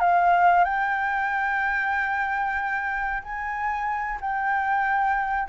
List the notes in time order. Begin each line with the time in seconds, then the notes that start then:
0.00 F5
0.65 G5
3.23 G#5
4.21 G5